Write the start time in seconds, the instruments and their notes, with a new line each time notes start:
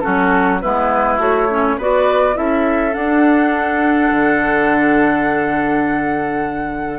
0.00 bassoon F#3, clarinet C#4, oboe F#4, flute A4
0.61 bassoon G#3, clarinet B3, oboe E4, flute B4
1.18 bassoon A3, clarinet F#4, flute C#5
1.49 clarinet C#4
1.77 bassoon B3, clarinet F#4, oboe B4, flute D5
2.33 bassoon C#4, clarinet E4, oboe A4, flute E5
2.92 clarinet D4, bassoon D4, flute F#5
4.11 bassoon D3